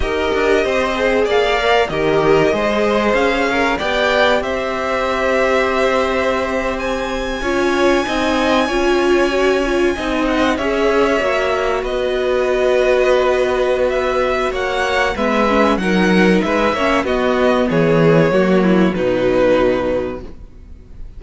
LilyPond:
<<
  \new Staff \with { instrumentName = "violin" } { \time 4/4 \tempo 4 = 95 dis''2 f''4 dis''4~ | dis''4 f''4 g''4 e''4~ | e''2~ e''8. gis''4~ gis''16~ | gis''1~ |
gis''16 fis''8 e''2 dis''4~ dis''16~ | dis''2 e''4 fis''4 | e''4 fis''4 e''4 dis''4 | cis''2 b'2 | }
  \new Staff \with { instrumentName = "violin" } { \time 4/4 ais'4 c''4 d''4 ais'4 | c''4. ais'8 d''4 c''4~ | c''2.~ c''8. cis''16~ | cis''8. dis''4 cis''2 dis''16~ |
dis''8. cis''2 b'4~ b'16~ | b'2. cis''4 | b'4 ais'4 b'8 cis''8 fis'4 | gis'4 fis'8 e'8 dis'2 | }
  \new Staff \with { instrumentName = "viola" } { \time 4/4 g'4. gis'4 ais'8 g'4 | gis'2 g'2~ | g'2.~ g'8. f'16~ | f'8. dis'4 f'4 fis'8 f'8 dis'16~ |
dis'8. gis'4 fis'2~ fis'16~ | fis'1 | b8 cis'8 dis'4. cis'8 b4~ | b4 ais4 fis2 | }
  \new Staff \with { instrumentName = "cello" } { \time 4/4 dis'8 d'8 c'4 ais4 dis4 | gis4 cis'4 b4 c'4~ | c'2.~ c'8. cis'16~ | cis'8. c'4 cis'2 c'16~ |
c'8. cis'4 ais4 b4~ b16~ | b2. ais4 | gis4 fis4 gis8 ais8 b4 | e4 fis4 b,2 | }
>>